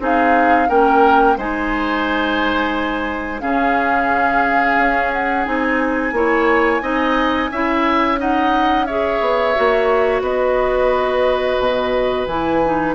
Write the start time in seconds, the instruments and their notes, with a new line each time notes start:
0.00 bassoon C4, clarinet D#4, oboe G#4, flute F5
0.69 bassoon A#3, clarinet C#4, oboe A#4, flute G5
1.37 bassoon G#3, clarinet D#4, oboe C5, flute G#5
3.40 bassoon C#3, clarinet C#4, oboe G#4, flute F5
4.78 bassoon C#4
5.13 flute F#5
5.45 bassoon C4, clarinet D#4, flute G#5
6.12 bassoon A#3, clarinet E4, oboe C#5
6.82 bassoon C4, clarinet D#4, oboe D#5
7.51 bassoon C#4, clarinet E4, oboe E5
8.18 clarinet D#4, oboe D#5, flute F#5
8.86 clarinet G#4, oboe C#5, flute E5
9.21 bassoon B3
9.55 bassoon A#3, clarinet F#4
10.21 bassoon B3, oboe B4, flute D#5
11.58 bassoon B2
12.26 bassoon E3, clarinet E4, flute G#5
12.65 clarinet D#4